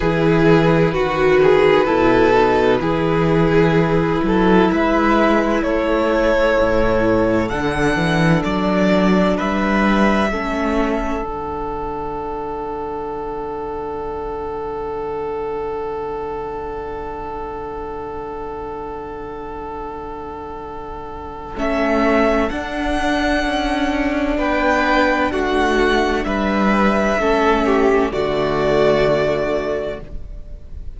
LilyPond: <<
  \new Staff \with { instrumentName = "violin" } { \time 4/4 \tempo 4 = 64 b'1~ | b'4 e''4 cis''2 | fis''4 d''4 e''2 | fis''1~ |
fis''1~ | fis''2. e''4 | fis''2 g''4 fis''4 | e''2 d''2 | }
  \new Staff \with { instrumentName = "violin" } { \time 4/4 gis'4 fis'8 gis'8 a'4 gis'4~ | gis'8 a'8 b'4 a'2~ | a'2 b'4 a'4~ | a'1~ |
a'1~ | a'1~ | a'2 b'4 fis'4 | b'4 a'8 g'8 fis'2 | }
  \new Staff \with { instrumentName = "viola" } { \time 4/4 e'4 fis'4 e'8 dis'8 e'4~ | e'1 | d'2. cis'4 | d'1~ |
d'1~ | d'2. cis'4 | d'1~ | d'4 cis'4 a2 | }
  \new Staff \with { instrumentName = "cello" } { \time 4/4 e4 dis4 b,4 e4~ | e8 fis8 gis4 a4 a,4 | d8 e8 fis4 g4 a4 | d1~ |
d1~ | d2. a4 | d'4 cis'4 b4 a4 | g4 a4 d2 | }
>>